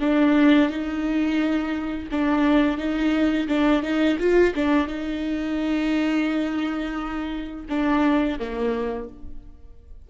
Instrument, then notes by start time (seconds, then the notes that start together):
viola
0.00 D4
0.69 D#4
2.11 D4
2.78 D#4
3.48 D4
3.82 D#4
4.19 F4
4.55 D4
4.87 D#4
7.69 D4
8.39 A#3